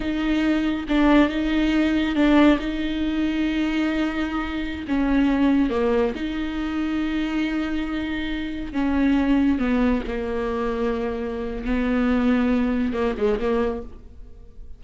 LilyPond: \new Staff \with { instrumentName = "viola" } { \time 4/4 \tempo 4 = 139 dis'2 d'4 dis'4~ | dis'4 d'4 dis'2~ | dis'2.~ dis'16 cis'8.~ | cis'4~ cis'16 ais4 dis'4.~ dis'16~ |
dis'1~ | dis'16 cis'2 b4 ais8.~ | ais2. b4~ | b2 ais8 gis8 ais4 | }